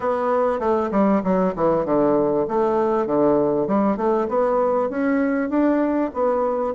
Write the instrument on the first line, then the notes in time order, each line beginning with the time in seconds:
bassoon
0.00 B3
0.59 A3
0.91 G3
1.23 F#3
1.55 E3
1.85 D3
2.47 A3
3.06 D3
3.67 G3
3.96 A3
4.28 B3
4.89 C#4
5.49 D4
6.13 B3